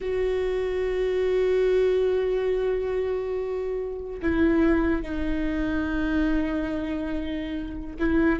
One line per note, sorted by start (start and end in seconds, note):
0.00 4.20 F#4
4.22 5.02 E4
5.02 7.96 D#4
7.99 8.39 E4